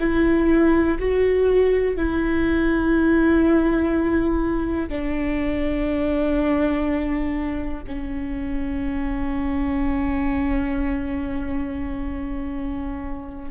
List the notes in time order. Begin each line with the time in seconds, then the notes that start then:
0.00 E4
0.99 F#4
1.97 E4
4.89 D4
7.88 C#4